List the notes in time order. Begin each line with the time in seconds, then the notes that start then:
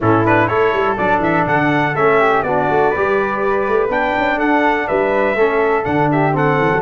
0.00 A2 C#4 E4 A4
0.25 D4 B4
0.47 A3 E4 A4 C#5
0.73 G3
0.97 F#3 D4 D5
1.19 E3 E5
1.47 D3 F#5
1.95 A3 C#4 E5
2.19 G4
2.42 B3 D4 F#4 D5
2.70 A3
2.90 G4 B4
2.96 G3
3.67 A3
3.89 B3 D4 G5
4.17 C#4
4.37 D4 A4 F#5
4.87 G3 B4 E5
5.35 A3 C#4 A4
5.83 D3 D4 F#5
6.11 G4 E5
6.32 C4 A4 F#5
6.58 E3
6.72 F#3